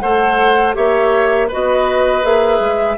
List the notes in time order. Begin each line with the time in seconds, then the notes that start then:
0.00 A3 A4 C5 F#5
0.74 A#3 G4 C#5 E5
1.48 F#4 B4 D#5
1.54 B3
2.22 A#3 G#4 E5
2.60 G#3